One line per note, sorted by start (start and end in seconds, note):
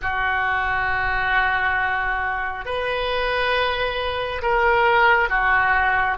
0.02 2.65 F#4
2.65 4.41 B4
4.42 5.29 A#4
5.29 6.17 F#4